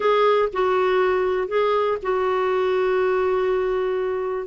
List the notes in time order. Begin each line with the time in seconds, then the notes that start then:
0.00 G#4
0.52 F#4
1.48 G#4
2.02 F#4